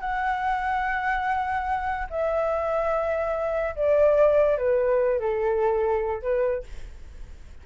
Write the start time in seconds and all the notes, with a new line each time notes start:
0.00 F#5
2.10 E5
3.75 D5
4.57 B4
5.19 A4
6.22 B4